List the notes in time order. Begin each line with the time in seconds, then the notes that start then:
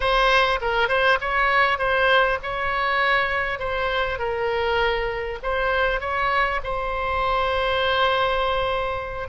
0.00 C5
0.61 A#4
0.88 C5
1.20 C#5
1.78 C5
2.42 C#5
3.59 C5
4.18 A#4
5.42 C5
6.00 C#5
6.63 C5